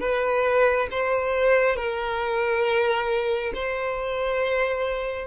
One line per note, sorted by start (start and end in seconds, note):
0.00 0.88 B4
0.91 1.76 C5
1.76 3.53 A#4
3.54 5.27 C5